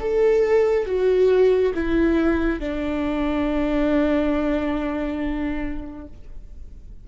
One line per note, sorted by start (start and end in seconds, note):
0.00 0.86 A4
0.86 1.73 F#4
1.74 2.60 E4
2.60 6.08 D4